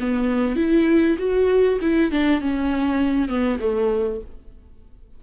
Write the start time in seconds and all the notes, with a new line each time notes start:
0.00 B3
0.56 E4
1.18 F#4
1.81 E4
2.11 D4
2.41 C#4
3.28 B3
3.60 A3